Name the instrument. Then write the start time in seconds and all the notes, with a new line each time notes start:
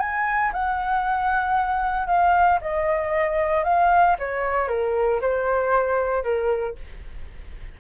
flute
0.00 G#5
0.53 F#5
2.07 F5
2.61 D#5
3.64 F5
4.19 C#5
4.68 A#4
5.22 C5
6.24 A#4